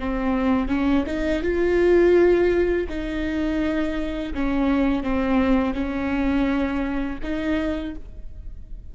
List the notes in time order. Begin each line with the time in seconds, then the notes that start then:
0.00 C4
0.69 C#4
1.07 D#4
1.43 F4
2.89 D#4
4.34 C#4
5.04 C4
5.75 C#4
7.24 D#4